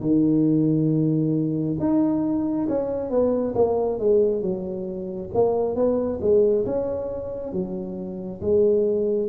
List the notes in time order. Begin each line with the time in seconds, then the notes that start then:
0.00 D#3
1.79 D#4
2.68 C#4
3.10 B3
3.54 A#3
3.98 G#3
4.41 F#3
5.33 A#3
5.75 B3
6.20 G#3
6.65 C#4
7.52 F#3
8.41 G#3